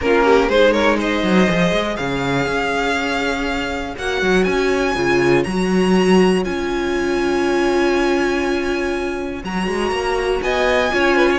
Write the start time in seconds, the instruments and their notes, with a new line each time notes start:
0.01 cello A#3, viola C#4, violin F4 A#4
0.25 violin G4
0.47 cello G#3, viola D#4, violin G#4 C5
0.72 violin A#4 C#5
0.98 violin C5 D#5
1.23 cello F#3
1.48 cello F3, viola G#4
1.71 cello G#3
1.96 cello C#3, violin C#5 F5
2.46 cello C#4
3.97 cello A#3, viola F#4, violin F#5
4.21 cello F#3
4.44 cello C#4, violin G#5
4.95 cello C#3, viola F4
5.43 cello F#3, viola F#4, violin A#5
6.44 cello C#4, viola F4, violin G#5
9.43 cello F#3, viola F#4, violin A#5
9.67 cello G#3
9.91 cello A#3
10.41 cello B3, violin D#5 G#5
10.89 cello C#4, viola F4, violin C#5
11.16 violin B4
11.30 violin C#5